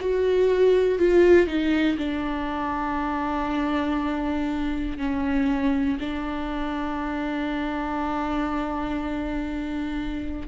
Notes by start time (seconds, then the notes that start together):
0.00 F#4
0.99 F4
1.47 D#4
1.98 D4
4.97 C#4
6.00 D4